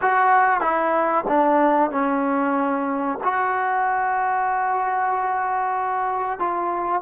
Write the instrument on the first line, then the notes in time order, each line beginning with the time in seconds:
trombone
0.01 F#4
0.60 E4
1.27 D4
1.90 C#4
3.23 F#4
6.39 F4